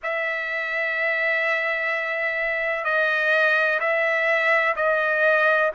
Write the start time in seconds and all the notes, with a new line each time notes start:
0.03 E5
2.84 D#5
3.80 E5
4.76 D#5